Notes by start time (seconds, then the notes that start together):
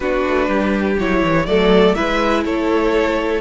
0.00 B3 D4 F#4 B4
0.27 A3
0.48 G3 G4
0.99 F#3 E4 C#5
1.23 E3
1.45 F#3 A3 A4 D5
1.94 G#3 E4 B4 E5
2.44 A3 A4 C#5